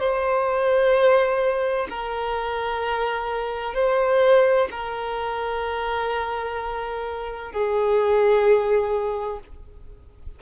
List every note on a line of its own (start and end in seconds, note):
0.00 1.87 C5
1.90 3.75 A#4
3.75 4.68 C5
4.71 7.52 A#4
7.52 9.40 G#4